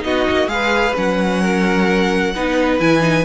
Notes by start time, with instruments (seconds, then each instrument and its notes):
0.00 cello B3, viola D#4, violin F#4 D#5
0.31 cello A#3
0.47 cello G#3, viola G#4, violin B4 F5
0.95 cello F#3, viola C#4, violin F#5
1.41 violin A#4
2.35 cello B3, viola D#4, violin B4
2.80 cello E3, viola E4, violin G#5
3.00 viola D#4